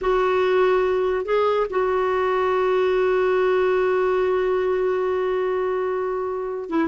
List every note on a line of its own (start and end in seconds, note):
0.01 1.25 F#4
1.25 1.67 G#4
1.70 6.69 F#4
6.69 6.88 E4